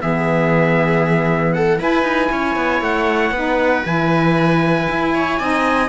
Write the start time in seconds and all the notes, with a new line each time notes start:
0.00 E3 B3 G#4 E5
1.53 A4 F#5
1.78 E4 B4 G#5
2.03 D#4
2.32 C#4 C#5
2.56 B3
2.81 A3 F#5
3.31 B3 D#4 B4
3.85 E3 E4 G#5
4.89 E4
5.14 C#5
5.39 C4 D#4 D#5